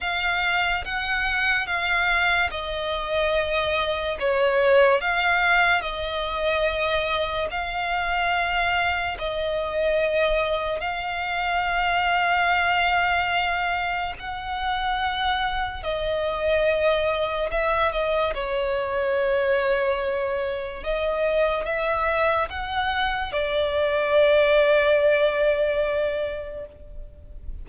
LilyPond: \new Staff \with { instrumentName = "violin" } { \time 4/4 \tempo 4 = 72 f''4 fis''4 f''4 dis''4~ | dis''4 cis''4 f''4 dis''4~ | dis''4 f''2 dis''4~ | dis''4 f''2.~ |
f''4 fis''2 dis''4~ | dis''4 e''8 dis''8 cis''2~ | cis''4 dis''4 e''4 fis''4 | d''1 | }